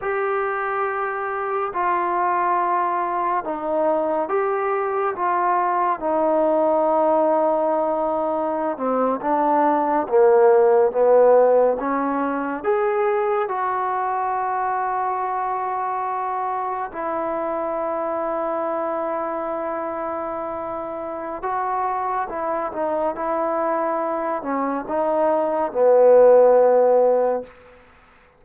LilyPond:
\new Staff \with { instrumentName = "trombone" } { \time 4/4 \tempo 4 = 70 g'2 f'2 | dis'4 g'4 f'4 dis'4~ | dis'2~ dis'16 c'8 d'4 ais16~ | ais8. b4 cis'4 gis'4 fis'16~ |
fis'2.~ fis'8. e'16~ | e'1~ | e'4 fis'4 e'8 dis'8 e'4~ | e'8 cis'8 dis'4 b2 | }